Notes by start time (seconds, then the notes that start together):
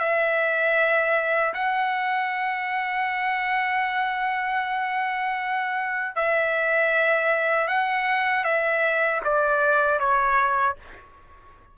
0.00 E5
1.54 F#5
6.16 E5
7.68 F#5
8.45 E5
9.25 D5
10.00 C#5